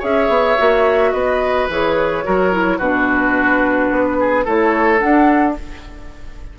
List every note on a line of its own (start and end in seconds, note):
0.00 0.29 C#4
0.00 0.57 G#4
0.00 1.11 C#5
0.00 1.12 E5
0.29 0.57 B3
0.58 1.13 A#3
0.58 1.70 F#4
1.12 1.69 B3
1.12 2.25 B4
1.12 1.68 D#5
1.69 2.25 E3
1.69 2.24 G#4
1.69 2.79 C#5
2.24 2.79 F#3
2.24 2.52 F#4
2.24 2.78 A#4
2.52 2.80 E4
2.78 3.90 B2
2.78 4.46 D4
2.78 4.17 F#4
2.78 4.46 B4
3.91 4.47 B3
4.20 4.45 G#4
4.45 5.03 A3
4.45 4.99 E4
4.45 5.56 A4
4.45 4.99 C#5
4.99 5.54 D4
4.99 5.59 D4
4.99 5.55 F#5